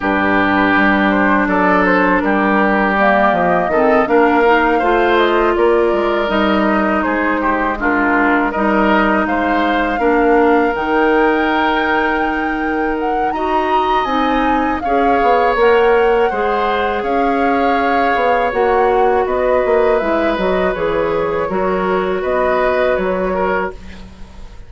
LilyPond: <<
  \new Staff \with { instrumentName = "flute" } { \time 4/4 \tempo 4 = 81 b'4. c''8 d''8 c''8 ais'4 | d''8 dis''4 f''4. dis''8 d''8~ | d''8 dis''4 c''4 ais'4 dis''8~ | dis''8 f''2 g''4.~ |
g''4. fis''8 ais''4 gis''4 | f''4 fis''2 f''4~ | f''4 fis''4 dis''4 e''8 dis''8 | cis''2 dis''4 cis''4 | }
  \new Staff \with { instrumentName = "oboe" } { \time 4/4 g'2 a'4 g'4~ | g'4 a'8 ais'4 c''4 ais'8~ | ais'4. gis'8 g'8 f'4 ais'8~ | ais'8 c''4 ais'2~ ais'8~ |
ais'2 dis''2 | cis''2 c''4 cis''4~ | cis''2 b'2~ | b'4 ais'4 b'4. ais'8 | }
  \new Staff \with { instrumentName = "clarinet" } { \time 4/4 d'1 | ais4 c'8 d'8 dis'8 f'4.~ | f'8 dis'2 d'4 dis'8~ | dis'4. d'4 dis'4.~ |
dis'2 fis'4 dis'4 | gis'4 ais'4 gis'2~ | gis'4 fis'2 e'8 fis'8 | gis'4 fis'2. | }
  \new Staff \with { instrumentName = "bassoon" } { \time 4/4 g,4 g4 fis4 g4~ | g8 f8 dis8 ais4 a4 ais8 | gis8 g4 gis2 g8~ | g8 gis4 ais4 dis4.~ |
dis2 dis'4 c'4 | cis'8 b8 ais4 gis4 cis'4~ | cis'8 b8 ais4 b8 ais8 gis8 fis8 | e4 fis4 b4 fis4 | }
>>